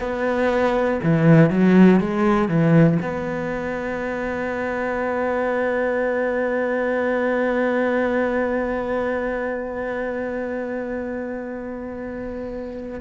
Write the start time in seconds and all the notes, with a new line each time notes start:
0.00 B3
1.03 E3
1.50 F#3
2.00 G#3
2.49 E3
3.02 B3